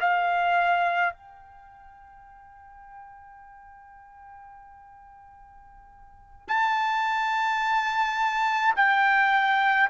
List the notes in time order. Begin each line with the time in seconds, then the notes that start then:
0.00 F5
1.13 G5
6.48 A5
8.76 G5